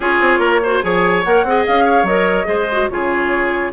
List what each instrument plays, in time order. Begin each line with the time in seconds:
0.00 bassoon C#4, clarinet F4, oboe G#4, flute C#5
0.20 bassoon C4
0.39 bassoon A#3, oboe A#4
0.63 clarinet F#4, oboe C5
0.81 bassoon F3, clarinet G#4, oboe C#5, flute G#5
1.23 bassoon A#3, clarinet A#4, flute F#5
1.43 bassoon C4, clarinet G#4, oboe D#5
1.66 bassoon C#4, flute F5
1.84 oboe C#5
2.03 bassoon F#3, clarinet A#4, flute D#5
2.44 bassoon G#3, clarinet G#4, oboe C5
2.71 clarinet F#4
2.89 bassoon C#3, clarinet F4, oboe G#4, flute C#5